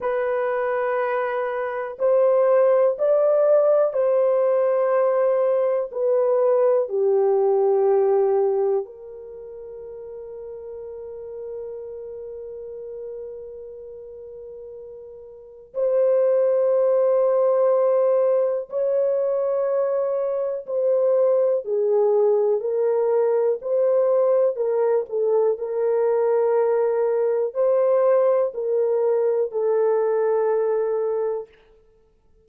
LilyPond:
\new Staff \with { instrumentName = "horn" } { \time 4/4 \tempo 4 = 61 b'2 c''4 d''4 | c''2 b'4 g'4~ | g'4 ais'2.~ | ais'1 |
c''2. cis''4~ | cis''4 c''4 gis'4 ais'4 | c''4 ais'8 a'8 ais'2 | c''4 ais'4 a'2 | }